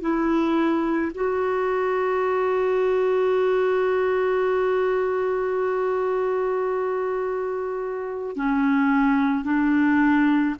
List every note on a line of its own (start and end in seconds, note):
0.00 1.11 E4
1.14 8.36 F#4
8.36 9.44 C#4
9.44 10.55 D4